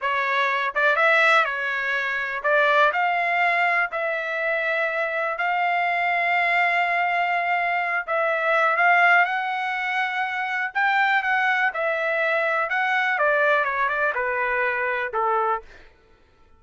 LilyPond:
\new Staff \with { instrumentName = "trumpet" } { \time 4/4 \tempo 4 = 123 cis''4. d''8 e''4 cis''4~ | cis''4 d''4 f''2 | e''2. f''4~ | f''1~ |
f''8 e''4. f''4 fis''4~ | fis''2 g''4 fis''4 | e''2 fis''4 d''4 | cis''8 d''8 b'2 a'4 | }